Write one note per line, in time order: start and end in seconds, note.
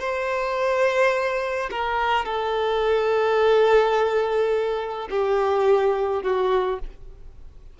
0.00 1.70 C5
1.71 2.25 A#4
2.25 5.08 A4
5.10 6.23 G4
6.23 6.79 F#4